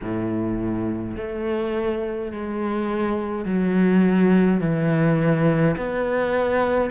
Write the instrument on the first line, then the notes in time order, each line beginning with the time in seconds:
cello
0.02 A2
1.16 A3
2.32 G#3
3.45 F#3
4.60 E3
5.76 B3